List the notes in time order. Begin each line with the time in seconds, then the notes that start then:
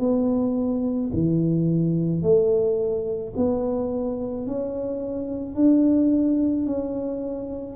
0.00 B3
1.13 E3
2.23 A3
3.37 B3
4.47 C#4
5.56 D4
6.67 C#4